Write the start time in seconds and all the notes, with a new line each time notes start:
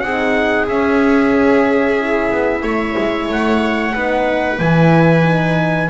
0.00 C4 D#4 G#4 F#5
0.68 C#4 E5
2.00 E4
2.31 B3
2.63 A3 C#5
2.98 G#3
3.29 A3 F#5
3.93 B3 D#4 B4
4.59 E3 E4 G#5
5.24 D#4